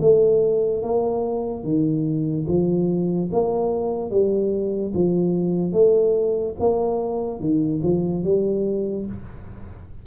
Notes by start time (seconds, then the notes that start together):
0.00 A3
0.82 A#3
1.63 D#3
2.47 F3
3.31 A#3
4.10 G3
4.94 F3
5.72 A3
6.59 A#3
7.40 D#3
7.82 F3
8.23 G3